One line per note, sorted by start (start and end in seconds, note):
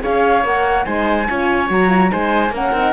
0.00 0.44 C#4
0.00 0.42 G#4
0.00 0.85 C#5
0.00 0.45 F5
0.44 0.86 A#3
0.44 0.85 A#4
0.44 0.85 F#5
0.85 1.28 G#3
0.85 1.27 D#4
0.85 1.27 C5
0.85 1.68 G#5
1.28 1.70 C#4
1.28 1.68 F4
1.28 2.11 C#5
1.68 2.11 F#3
1.68 1.88 F#4
1.68 2.12 A#5
1.88 2.09 F4
2.10 2.50 G#3
2.10 2.51 D#4
2.10 2.53 C5
2.10 2.54 G#5
2.50 2.71 A#3
2.50 2.75 C#4
2.50 2.93 A#4
2.50 2.93 F#5
2.72 2.93 C4
2.72 2.93 D#4